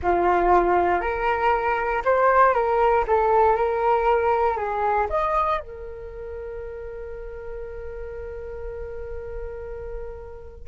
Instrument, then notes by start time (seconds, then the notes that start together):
flute
0.02 F4
1.00 A#4
2.05 C5
2.54 A#4
3.07 A4
3.55 A#4
4.56 G#4
5.09 D#5
5.60 A#4